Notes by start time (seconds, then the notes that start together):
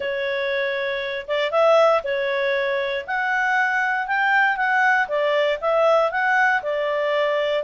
0.00 C#5
1.27 D5
1.51 E5
2.03 C#5
3.06 F#5
4.07 G5
4.56 F#5
5.08 D5
5.60 E5
6.11 F#5
6.62 D5